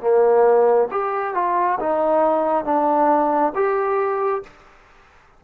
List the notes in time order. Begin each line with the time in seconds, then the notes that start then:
0.00 A#3
0.91 G4
1.34 F4
1.80 D#4
2.64 D4
3.55 G4